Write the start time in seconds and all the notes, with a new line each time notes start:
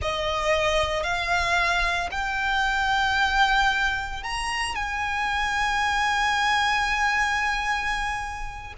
0.01 D#5
1.03 F5
2.11 G5
4.23 A#5
4.75 G#5